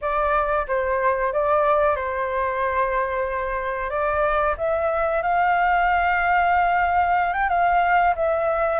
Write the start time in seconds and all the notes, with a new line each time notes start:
0.01 D5
0.67 C5
1.32 D5
1.96 C5
3.90 D5
4.57 E5
5.22 F5
7.33 G5
7.49 F5
8.15 E5